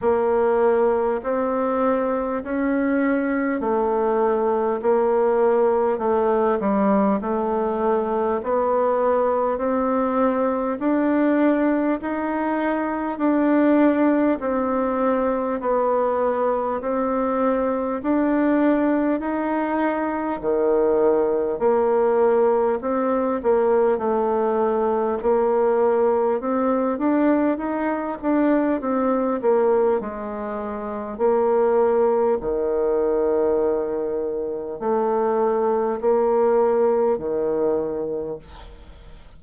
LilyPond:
\new Staff \with { instrumentName = "bassoon" } { \time 4/4 \tempo 4 = 50 ais4 c'4 cis'4 a4 | ais4 a8 g8 a4 b4 | c'4 d'4 dis'4 d'4 | c'4 b4 c'4 d'4 |
dis'4 dis4 ais4 c'8 ais8 | a4 ais4 c'8 d'8 dis'8 d'8 | c'8 ais8 gis4 ais4 dis4~ | dis4 a4 ais4 dis4 | }